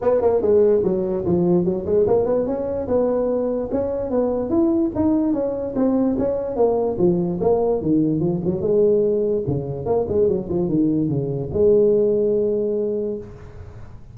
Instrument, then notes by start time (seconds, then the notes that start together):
tuba
0.01 B3
0.21 A#3
0.41 G#3
0.83 F#3
1.25 F3
1.64 F#3
1.85 G#3
2.07 A#3
2.25 B3
2.46 C#4
2.87 B3
3.71 C#4
4.10 B3
4.49 E4
4.95 D#4
5.33 C#4
5.75 C4
6.18 C#4
6.55 A#3
6.98 F3
7.40 A#3
7.81 D#3
8.20 F3
8.44 F#3
8.61 G#3
9.47 C#3
9.85 A#3
10.08 G#3
10.27 F#3
10.49 F3
10.68 D#3
11.08 C#3
11.53 G#3